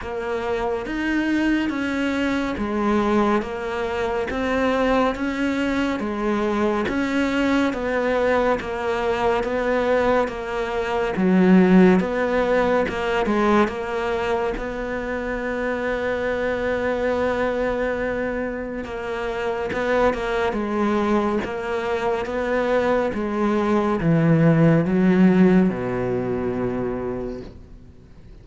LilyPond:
\new Staff \with { instrumentName = "cello" } { \time 4/4 \tempo 4 = 70 ais4 dis'4 cis'4 gis4 | ais4 c'4 cis'4 gis4 | cis'4 b4 ais4 b4 | ais4 fis4 b4 ais8 gis8 |
ais4 b2.~ | b2 ais4 b8 ais8 | gis4 ais4 b4 gis4 | e4 fis4 b,2 | }